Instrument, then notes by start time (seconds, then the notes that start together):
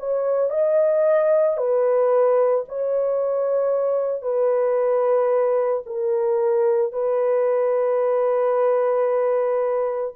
horn
0.00 C#5
0.51 D#5
1.58 B4
2.69 C#5
4.23 B4
5.86 A#4
6.93 B4